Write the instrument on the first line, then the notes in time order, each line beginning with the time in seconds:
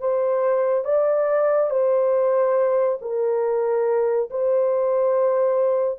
horn
0.00 C5
0.85 D5
1.71 C5
3.02 A#4
4.31 C5